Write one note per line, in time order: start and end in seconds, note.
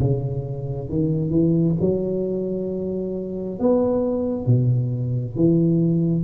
0.00 0.89 C#3
0.89 1.30 D#3
1.30 1.75 E3
1.81 3.59 F#3
3.59 4.46 B3
4.46 5.36 B2
5.36 6.24 E3